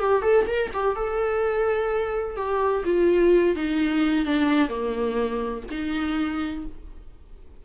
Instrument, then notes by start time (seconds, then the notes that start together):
viola
0.00 G4
0.22 A4
0.47 A#4
0.74 G4
0.96 A4
2.37 G4
2.85 F4
3.56 D#4
4.25 D4
4.69 A#3
5.71 D#4